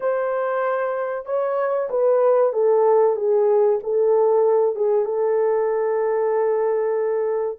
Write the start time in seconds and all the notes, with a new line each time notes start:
0.00 C5
1.25 C#5
1.90 B4
2.53 A4
3.16 G#4
3.83 A4
4.75 G#4
5.05 A4